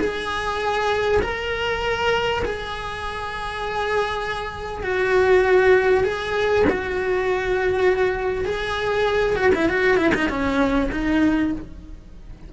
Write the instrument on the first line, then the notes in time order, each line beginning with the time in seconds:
cello
0.00 G#4
1.22 A#4
2.45 G#4
4.83 F#4
6.04 G#4
6.70 F#4
8.45 G#4
9.36 F#4
9.55 E4
9.69 F#4
9.97 E4
10.15 D#4
10.30 C#4
10.92 D#4